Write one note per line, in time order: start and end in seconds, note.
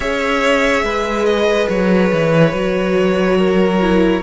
0.00 0.82 C#4
0.00 2.52 G#4
0.00 0.84 C#5
0.00 1.25 E5
0.82 1.67 G#3
0.82 3.37 B4
1.25 1.67 D#5
1.69 2.11 F#3
1.69 4.22 C#5
2.12 2.52 E3
2.52 4.21 F#3
2.52 3.81 F#4
3.38 4.22 A#4
3.81 4.22 E4